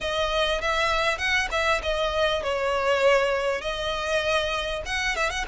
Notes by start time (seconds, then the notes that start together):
0.00 D#5
0.61 E5
1.18 F#5
1.51 E5
1.82 D#5
2.43 C#5
3.61 D#5
4.85 F#5
5.16 E5
5.29 F#5